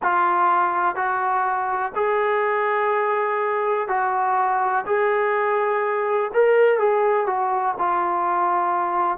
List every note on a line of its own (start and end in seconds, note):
0.02 0.95 F4
0.95 1.92 F#4
1.95 3.88 G#4
3.88 4.84 F#4
4.86 6.31 G#4
6.33 6.78 A#4
6.78 7.26 G#4
7.26 7.74 F#4
7.78 9.17 F4